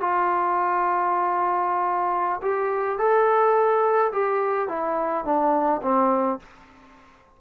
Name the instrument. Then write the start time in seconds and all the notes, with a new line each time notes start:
trombone
0.00 F4
2.42 G4
2.98 A4
4.12 G4
4.68 E4
5.25 D4
5.82 C4